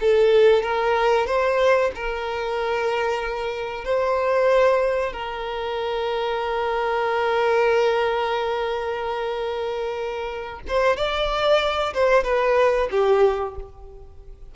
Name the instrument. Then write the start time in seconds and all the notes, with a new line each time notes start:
violin
0.00 A4
0.62 A#4
1.26 C5
1.95 A#4
3.84 C5
5.13 A#4
10.67 C5
10.96 D5
11.94 C5
12.24 B4
12.91 G4